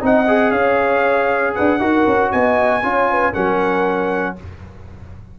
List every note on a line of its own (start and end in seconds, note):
0.00 0.52 C4
0.00 0.26 D#4
0.00 0.51 D#5
0.00 0.51 F#5
0.28 1.80 G#4
0.51 1.54 C#4
0.51 1.54 C#5
0.51 1.54 F5
1.55 1.80 D4
1.55 1.80 B4
1.55 2.32 F#5
1.80 2.06 D#4
1.80 2.82 F#4
1.80 2.32 A#4
2.07 2.32 C#4
2.32 2.83 B3
2.32 2.83 D#5
2.32 3.34 G#5
2.83 3.34 C#4
2.83 3.33 F4
2.83 3.10 C#5
3.11 3.32 B4
3.32 4.39 F#3
3.32 4.36 C#4
3.32 4.35 A#4
3.32 4.36 F#5